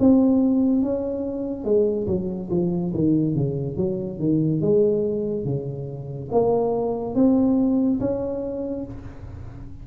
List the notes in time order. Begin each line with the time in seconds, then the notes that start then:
0.00 C4
0.83 C#4
1.65 G#3
2.07 F#3
2.51 F3
2.94 D#3
3.35 C#3
3.77 F#3
4.19 D#3
4.61 G#3
5.45 C#3
6.32 A#3
7.15 C4
8.01 C#4